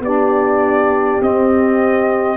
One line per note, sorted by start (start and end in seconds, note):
0.00 1.18 B3
0.00 1.21 D4
0.00 2.37 G4
0.00 1.22 D5
1.21 2.37 C4
1.21 2.37 D#5